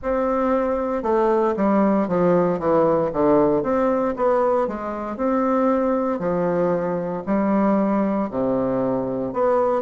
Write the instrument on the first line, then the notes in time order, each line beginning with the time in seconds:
bassoon
0.02 C4
1.03 A3
1.56 G3
2.08 F3
2.59 E3
3.12 D3
3.63 C4
4.16 B3
4.67 G#3
5.16 C4
6.19 F3
7.26 G3
8.30 C3
9.33 B3